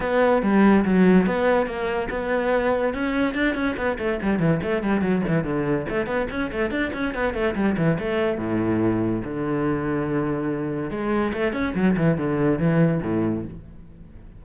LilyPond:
\new Staff \with { instrumentName = "cello" } { \time 4/4 \tempo 4 = 143 b4 g4 fis4 b4 | ais4 b2 cis'4 | d'8 cis'8 b8 a8 g8 e8 a8 g8 | fis8 e8 d4 a8 b8 cis'8 a8 |
d'8 cis'8 b8 a8 g8 e8 a4 | a,2 d2~ | d2 gis4 a8 cis'8 | fis8 e8 d4 e4 a,4 | }